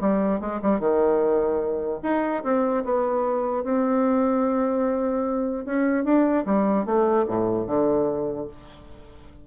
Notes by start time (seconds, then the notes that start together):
0.00 G3
0.40 G#3
0.62 G3
0.79 D#3
2.02 D#4
2.43 C4
2.84 B3
3.64 C4
5.65 C#4
6.04 D4
6.45 G3
6.85 A3
7.27 A2
7.66 D3